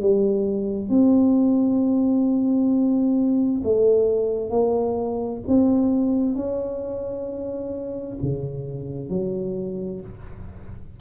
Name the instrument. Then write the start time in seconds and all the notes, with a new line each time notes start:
tuba
0.00 G3
0.89 C4
3.63 A3
4.50 A#3
5.48 C4
6.35 C#4
8.21 C#3
9.09 F#3